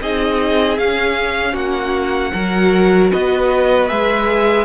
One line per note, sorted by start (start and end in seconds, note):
0.00 0.78 C4
0.00 0.78 D#4
0.00 1.53 G#4
0.00 0.78 D#5
0.78 1.54 C#4
0.78 2.34 C#4
0.78 1.56 F5
1.53 2.31 A#3
1.53 2.31 F#4
1.53 3.12 F#5
2.33 3.12 F#3
2.33 3.88 F#4
2.33 3.10 A#4
3.10 3.90 B3
3.10 4.65 B4
3.10 3.89 D#5
3.88 4.65 G#3
3.88 4.65 G#4
3.88 4.65 E5